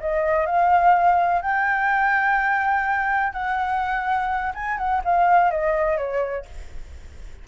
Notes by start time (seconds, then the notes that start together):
0.00 D#5
0.46 F5
1.42 G5
3.33 F#5
4.54 G#5
4.78 F#5
5.04 F5
5.51 D#5
5.97 C#5